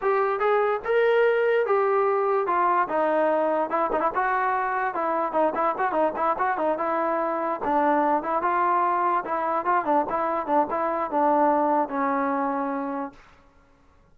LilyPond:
\new Staff \with { instrumentName = "trombone" } { \time 4/4 \tempo 4 = 146 g'4 gis'4 ais'2 | g'2 f'4 dis'4~ | dis'4 e'8 dis'16 e'16 fis'2 | e'4 dis'8 e'8 fis'8 dis'8 e'8 fis'8 |
dis'8 e'2 d'4. | e'8 f'2 e'4 f'8 | d'8 e'4 d'8 e'4 d'4~ | d'4 cis'2. | }